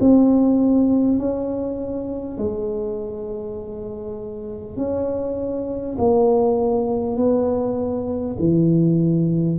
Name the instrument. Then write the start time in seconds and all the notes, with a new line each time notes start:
tuba
0.00 C4
1.18 C#4
2.37 G#3
4.76 C#4
5.98 A#3
7.17 B3
8.39 E3